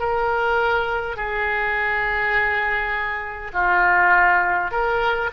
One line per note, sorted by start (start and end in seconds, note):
0.00 1.17 A#4
1.17 3.52 G#4
3.53 4.71 F4
4.71 5.30 A#4